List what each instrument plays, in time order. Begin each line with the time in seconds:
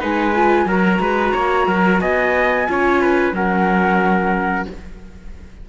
0.00 cello G#3, viola D#4, trumpet B4, flute G#5
0.36 viola F4
0.66 cello F#3, viola F#4, trumpet A#4, flute A#5
1.00 cello G#3, trumpet B4
1.33 cello A#3, trumpet C#5
1.68 cello F#3, trumpet A#4
2.01 cello B3, trumpet D#5, flute G#5
2.68 cello C#4, viola F4, trumpet C#5
3.02 trumpet B4
3.33 cello F#3, viola C#4, trumpet A#4, flute F#5